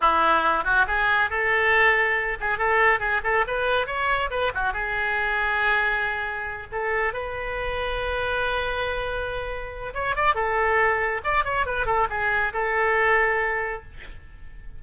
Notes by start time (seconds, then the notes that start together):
0.00 E4
0.64 F#4
0.87 G#4
1.29 A4
2.40 G#4
2.58 A4
2.99 G#4
3.23 A4
3.47 B4
3.87 C#5
4.30 B4
4.54 F#4
4.73 G#4
6.72 A4
7.13 B4
9.94 C#5
10.15 D5
10.35 A4
11.24 D5
11.44 C#5
11.66 B4
11.86 A4
12.09 G#4
12.53 A4